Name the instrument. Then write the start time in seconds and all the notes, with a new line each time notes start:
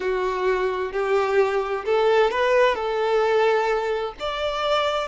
violin
0.00 F#4
0.92 G4
1.85 A4
2.31 B4
2.75 A4
4.19 D5